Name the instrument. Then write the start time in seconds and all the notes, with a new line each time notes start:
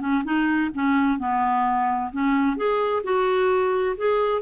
clarinet
0.00 C#4
0.24 D#4
0.74 C#4
1.19 B3
2.12 C#4
2.57 G#4
3.04 F#4
3.97 G#4